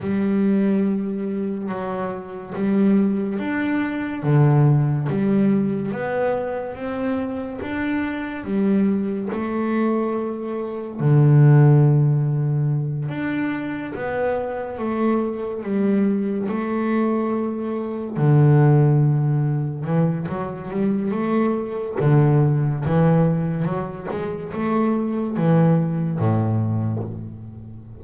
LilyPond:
\new Staff \with { instrumentName = "double bass" } { \time 4/4 \tempo 4 = 71 g2 fis4 g4 | d'4 d4 g4 b4 | c'4 d'4 g4 a4~ | a4 d2~ d8 d'8~ |
d'8 b4 a4 g4 a8~ | a4. d2 e8 | fis8 g8 a4 d4 e4 | fis8 gis8 a4 e4 a,4 | }